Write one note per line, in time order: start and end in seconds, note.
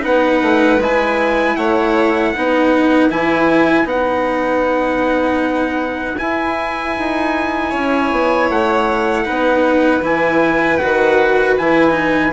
0.00 0.42 B3
0.00 0.77 D#4
0.00 1.57 B4
0.00 0.82 F#5
0.42 0.79 A3
0.79 1.56 G#3
0.79 2.35 E4
0.79 1.57 G#5
1.57 2.34 A3
1.57 2.33 C#5
1.57 3.10 F#5
2.33 3.11 B3
2.33 3.10 D#4
2.33 7.70 B4
3.10 3.85 E3
3.10 3.85 E4
3.10 3.88 G#5
3.85 6.16 B3
3.85 6.16 D#4
3.85 6.18 F#5
6.18 9.25 E4
6.18 6.97 E4
6.18 8.49 G#5
6.98 7.74 D#4
7.70 8.12 C#4
7.70 9.24 C#5
8.12 8.50 B3
8.50 9.27 A3
8.50 10.05 F#5
9.25 10.02 B3
9.25 10.02 D#4
9.25 12.33 B4
10.02 10.79 E3
10.02 10.79 E4
10.02 10.78 G#5
10.78 11.59 D#3
10.78 11.59 F#4
10.78 11.55 F#5
11.58 12.33 E3
11.58 11.91 E4
11.58 12.33 G#5
11.91 12.29 D#4